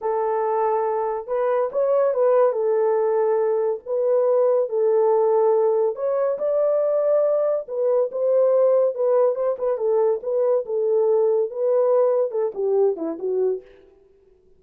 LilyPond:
\new Staff \with { instrumentName = "horn" } { \time 4/4 \tempo 4 = 141 a'2. b'4 | cis''4 b'4 a'2~ | a'4 b'2 a'4~ | a'2 cis''4 d''4~ |
d''2 b'4 c''4~ | c''4 b'4 c''8 b'8 a'4 | b'4 a'2 b'4~ | b'4 a'8 g'4 e'8 fis'4 | }